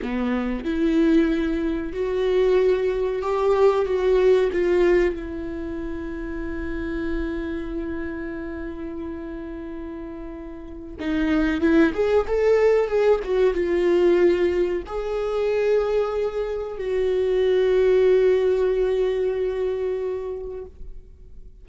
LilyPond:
\new Staff \with { instrumentName = "viola" } { \time 4/4 \tempo 4 = 93 b4 e'2 fis'4~ | fis'4 g'4 fis'4 f'4 | e'1~ | e'1~ |
e'4 dis'4 e'8 gis'8 a'4 | gis'8 fis'8 f'2 gis'4~ | gis'2 fis'2~ | fis'1 | }